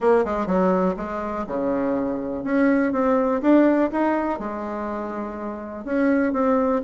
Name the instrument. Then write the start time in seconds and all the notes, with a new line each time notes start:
bassoon
0.00 A#3
0.25 G#3
0.46 F#3
0.96 G#3
1.47 C#3
2.44 C#4
2.92 C4
3.41 D4
3.91 D#4
4.39 G#3
5.84 C#4
6.32 C4